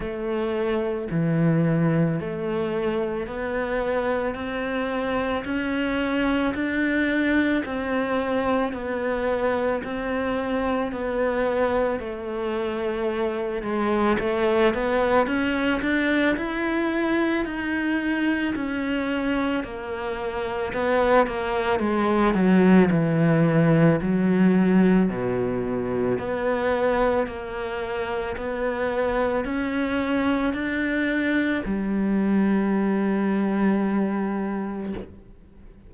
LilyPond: \new Staff \with { instrumentName = "cello" } { \time 4/4 \tempo 4 = 55 a4 e4 a4 b4 | c'4 cis'4 d'4 c'4 | b4 c'4 b4 a4~ | a8 gis8 a8 b8 cis'8 d'8 e'4 |
dis'4 cis'4 ais4 b8 ais8 | gis8 fis8 e4 fis4 b,4 | b4 ais4 b4 cis'4 | d'4 g2. | }